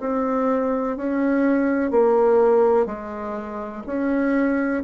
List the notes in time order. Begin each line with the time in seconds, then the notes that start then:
0.00 C4
0.97 C#4
1.90 A#3
2.86 G#3
3.86 C#4